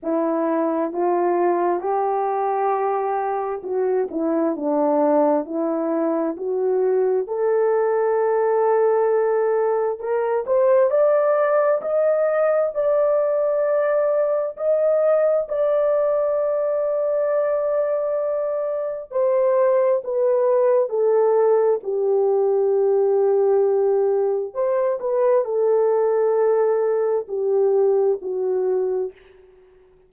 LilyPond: \new Staff \with { instrumentName = "horn" } { \time 4/4 \tempo 4 = 66 e'4 f'4 g'2 | fis'8 e'8 d'4 e'4 fis'4 | a'2. ais'8 c''8 | d''4 dis''4 d''2 |
dis''4 d''2.~ | d''4 c''4 b'4 a'4 | g'2. c''8 b'8 | a'2 g'4 fis'4 | }